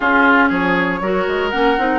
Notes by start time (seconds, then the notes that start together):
0.00 C#4 F4 G#4
0.48 F3 G#4 C#5
1.01 F#3 F#4 A#4
1.27 G#3
1.50 A#3 C#4 F#5
1.78 C4 D#4